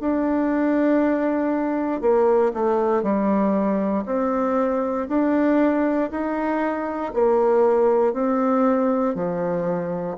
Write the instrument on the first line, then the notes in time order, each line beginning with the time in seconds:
bassoon
0.00 D4
2.01 A#3
2.53 A3
3.02 G3
4.06 C4
5.08 D4
6.11 D#4
7.13 A#3
8.13 C4
9.15 F3